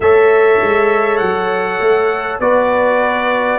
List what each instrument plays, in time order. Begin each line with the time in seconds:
0.00 tuba A3, trombone A4, horn C#5, trumpet E5
0.61 tuba G#3
1.17 tuba F#3, trumpet F#5
1.79 tuba A3
2.39 tuba B3, trombone F#4, horn B4, trumpet D5